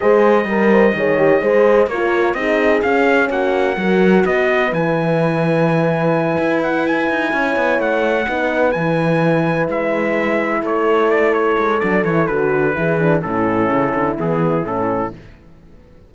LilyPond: <<
  \new Staff \with { instrumentName = "trumpet" } { \time 4/4 \tempo 4 = 127 dis''1 | cis''4 dis''4 f''4 fis''4~ | fis''4 dis''4 gis''2~ | gis''2 fis''8 gis''4.~ |
gis''8 fis''2 gis''4.~ | gis''8 e''2 cis''4 d''8 | cis''4 d''8 cis''8 b'2 | a'2 gis'4 a'4 | }
  \new Staff \with { instrumentName = "horn" } { \time 4/4 c''4 ais'8 c''8 cis''4 c''4 | ais'4 gis'2 fis'4 | ais'4 b'2.~ | b'2.~ b'8 cis''8~ |
cis''4. b'2~ b'8~ | b'2~ b'8 a'4.~ | a'2. gis'4 | e'1 | }
  \new Staff \with { instrumentName = "horn" } { \time 4/4 gis'4 ais'4 gis'8 g'8 gis'4 | f'4 dis'4 cis'2 | fis'2 e'2~ | e'1~ |
e'4. dis'4 e'4.~ | e'1~ | e'4 d'8 e'8 fis'4 e'8 d'8 | cis'2 b4 cis'4 | }
  \new Staff \with { instrumentName = "cello" } { \time 4/4 gis4 g4 dis4 gis4 | ais4 c'4 cis'4 ais4 | fis4 b4 e2~ | e4. e'4. dis'8 cis'8 |
b8 a4 b4 e4.~ | e8 gis2 a4.~ | a8 gis8 fis8 e8 d4 e4 | a,4 cis8 d8 e4 a,4 | }
>>